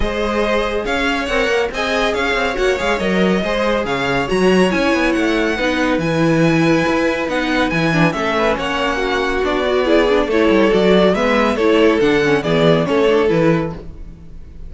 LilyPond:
<<
  \new Staff \with { instrumentName = "violin" } { \time 4/4 \tempo 4 = 140 dis''2 f''4 fis''4 | gis''4 f''4 fis''8 f''8 dis''4~ | dis''4 f''4 ais''4 gis''4 | fis''2 gis''2~ |
gis''4 fis''4 gis''4 e''4 | fis''2 d''2 | cis''4 d''4 e''4 cis''4 | fis''4 d''4 cis''4 b'4 | }
  \new Staff \with { instrumentName = "violin" } { \time 4/4 c''2 cis''2 | dis''4 cis''2. | c''4 cis''2.~ | cis''4 b'2.~ |
b'2. a'8 b'8 | cis''4 fis'2 gis'4 | a'2 b'4 a'4~ | a'4 gis'4 a'2 | }
  \new Staff \with { instrumentName = "viola" } { \time 4/4 gis'2. ais'4 | gis'2 fis'8 gis'8 ais'4 | gis'2 fis'4 e'4~ | e'4 dis'4 e'2~ |
e'4 dis'4 e'8 d'8 cis'4~ | cis'2 d'8 fis'8 e'8 d'8 | e'4 fis'4 b4 e'4 | d'8 cis'8 b4 cis'8 d'8 e'4 | }
  \new Staff \with { instrumentName = "cello" } { \time 4/4 gis2 cis'4 c'8 ais8 | c'4 cis'8 c'8 ais8 gis8 fis4 | gis4 cis4 fis4 cis'8 b8 | a4 b4 e2 |
e'4 b4 e4 a4 | ais2 b2 | a8 g8 fis4 gis4 a4 | d4 e4 a4 e4 | }
>>